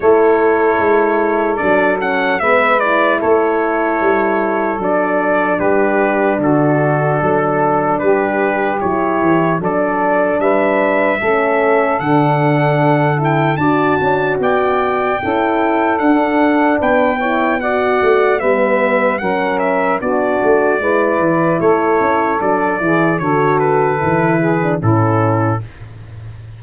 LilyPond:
<<
  \new Staff \with { instrumentName = "trumpet" } { \time 4/4 \tempo 4 = 75 cis''2 d''8 fis''8 e''8 d''8 | cis''2 d''4 b'4 | a'2 b'4 cis''4 | d''4 e''2 fis''4~ |
fis''8 g''8 a''4 g''2 | fis''4 g''4 fis''4 e''4 | fis''8 e''8 d''2 cis''4 | d''4 cis''8 b'4. a'4 | }
  \new Staff \with { instrumentName = "saxophone" } { \time 4/4 a'2. b'4 | a'2. g'4 | fis'4 a'4 g'2 | a'4 b'4 a'2~ |
a'4 d''8 d'8 d''4 a'4~ | a'4 b'8 cis''8 d''4 b'4 | ais'4 fis'4 b'4 a'4~ | a'8 gis'8 a'4. gis'8 e'4 | }
  \new Staff \with { instrumentName = "horn" } { \time 4/4 e'2 d'8 cis'8 b8 e'8~ | e'2 d'2~ | d'2. e'4 | d'2 cis'4 d'4~ |
d'8 e'8 fis'2 e'4 | d'4. e'8 fis'4 b4 | cis'4 d'4 e'2 | d'8 e'8 fis'4 e'8. d'16 cis'4 | }
  \new Staff \with { instrumentName = "tuba" } { \time 4/4 a4 gis4 fis4 gis4 | a4 g4 fis4 g4 | d4 fis4 g4 fis8 e8 | fis4 g4 a4 d4~ |
d4 d'8 cis'8 b4 cis'4 | d'4 b4. a8 g4 | fis4 b8 a8 gis8 e8 a8 cis'8 | fis8 e8 d4 e4 a,4 | }
>>